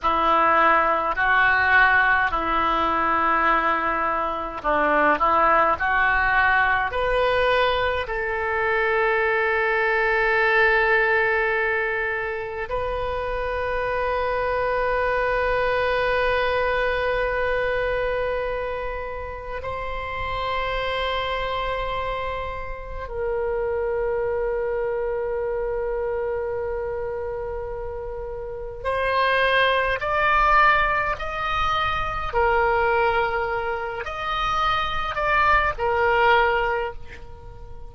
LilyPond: \new Staff \with { instrumentName = "oboe" } { \time 4/4 \tempo 4 = 52 e'4 fis'4 e'2 | d'8 e'8 fis'4 b'4 a'4~ | a'2. b'4~ | b'1~ |
b'4 c''2. | ais'1~ | ais'4 c''4 d''4 dis''4 | ais'4. dis''4 d''8 ais'4 | }